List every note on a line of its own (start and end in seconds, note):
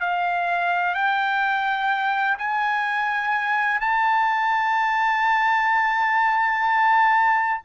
0.00 0.94 F5
0.94 2.37 G5
2.38 3.81 G#5
3.81 7.61 A5